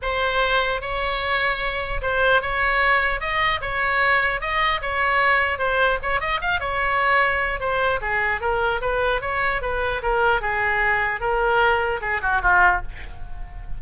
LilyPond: \new Staff \with { instrumentName = "oboe" } { \time 4/4 \tempo 4 = 150 c''2 cis''2~ | cis''4 c''4 cis''2 | dis''4 cis''2 dis''4 | cis''2 c''4 cis''8 dis''8 |
f''8 cis''2~ cis''8 c''4 | gis'4 ais'4 b'4 cis''4 | b'4 ais'4 gis'2 | ais'2 gis'8 fis'8 f'4 | }